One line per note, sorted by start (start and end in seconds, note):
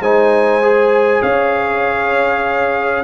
0.00 1.21 G#3
0.00 0.62 D#4
0.00 1.23 C5
0.00 1.22 G#5
0.62 3.04 G#4
1.22 3.04 C#4
1.22 3.04 C#5
1.22 3.04 F5